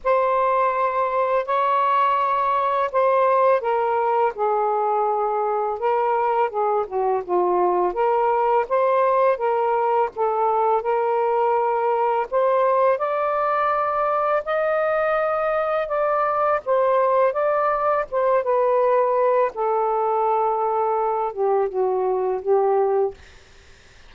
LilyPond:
\new Staff \with { instrumentName = "saxophone" } { \time 4/4 \tempo 4 = 83 c''2 cis''2 | c''4 ais'4 gis'2 | ais'4 gis'8 fis'8 f'4 ais'4 | c''4 ais'4 a'4 ais'4~ |
ais'4 c''4 d''2 | dis''2 d''4 c''4 | d''4 c''8 b'4. a'4~ | a'4. g'8 fis'4 g'4 | }